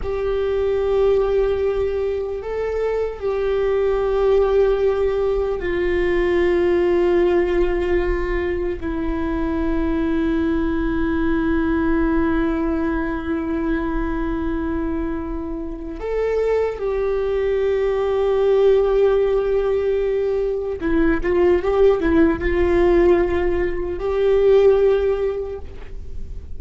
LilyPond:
\new Staff \with { instrumentName = "viola" } { \time 4/4 \tempo 4 = 75 g'2. a'4 | g'2. f'4~ | f'2. e'4~ | e'1~ |
e'1 | a'4 g'2.~ | g'2 e'8 f'8 g'8 e'8 | f'2 g'2 | }